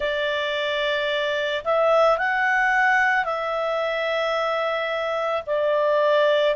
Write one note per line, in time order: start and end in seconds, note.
0.00 1.63 D5
1.64 2.18 E5
2.18 3.24 F#5
3.24 5.42 E5
5.46 6.55 D5